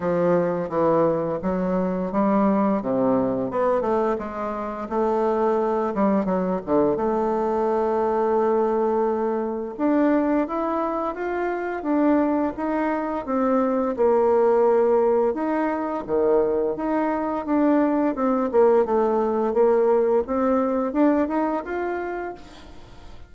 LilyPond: \new Staff \with { instrumentName = "bassoon" } { \time 4/4 \tempo 4 = 86 f4 e4 fis4 g4 | c4 b8 a8 gis4 a4~ | a8 g8 fis8 d8 a2~ | a2 d'4 e'4 |
f'4 d'4 dis'4 c'4 | ais2 dis'4 dis4 | dis'4 d'4 c'8 ais8 a4 | ais4 c'4 d'8 dis'8 f'4 | }